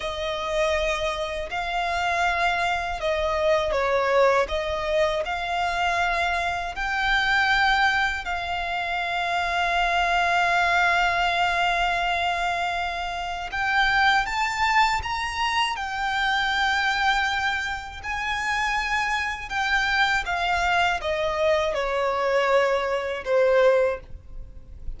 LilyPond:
\new Staff \with { instrumentName = "violin" } { \time 4/4 \tempo 4 = 80 dis''2 f''2 | dis''4 cis''4 dis''4 f''4~ | f''4 g''2 f''4~ | f''1~ |
f''2 g''4 a''4 | ais''4 g''2. | gis''2 g''4 f''4 | dis''4 cis''2 c''4 | }